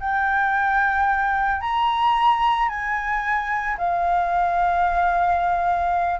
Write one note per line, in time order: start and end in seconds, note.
0.00 1.61 G5
1.61 2.69 A#5
2.69 3.77 G#5
3.77 6.19 F5